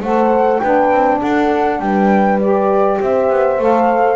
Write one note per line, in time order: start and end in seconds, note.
0.00 0.59 A3
0.00 0.63 A4
0.00 0.60 C5
0.00 0.59 F#5
0.59 0.91 B3
0.59 2.41 D4
0.59 1.19 B4
0.59 1.19 G5
0.91 1.21 C4
1.20 1.79 D4
1.20 1.79 A4
1.20 1.80 F#5
1.79 2.98 G3
1.79 3.01 B4
1.79 2.39 G5
2.40 3.59 G4
2.40 3.00 D5
3.01 3.30 C4
3.01 4.16 C5
3.01 3.62 E5
3.30 3.59 B3
3.59 4.16 A3
3.59 4.16 A4
3.59 4.16 F5